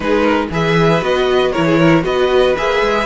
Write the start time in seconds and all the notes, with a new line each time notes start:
0.00 G#3 D#4 G#4 B4
0.21 A#4
0.50 E3 G#4 B4 E5
1.01 B3 F#4 D#5
1.51 E3 E4 A#4 C#5
1.65 G#4
1.78 A#4
2.02 B3 F#4 B4 D#5
2.57 A#3 G#4 E5
2.81 G#3